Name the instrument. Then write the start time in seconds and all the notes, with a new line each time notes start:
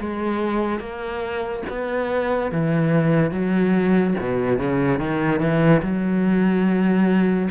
cello
0.00 G#3
0.80 A#3
1.70 B3
2.52 E3
3.31 F#3
4.20 B2
4.59 C#3
5.00 D#3
5.40 E3
5.83 F#3